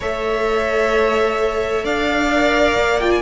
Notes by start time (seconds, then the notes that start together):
0.00 A3 A4 C#5 E5
1.84 D4 D5 F5
2.33 A#4
2.77 A#3
2.99 F4 G5
3.10 G#5